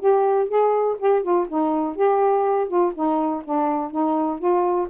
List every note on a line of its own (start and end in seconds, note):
0.00 0.49 G4
0.49 0.98 G#4
0.99 1.23 G4
1.23 1.47 F4
1.49 1.96 D#4
1.96 2.68 G4
2.68 2.93 F4
2.94 3.43 D#4
3.45 3.91 D4
3.91 4.39 D#4
4.39 4.88 F4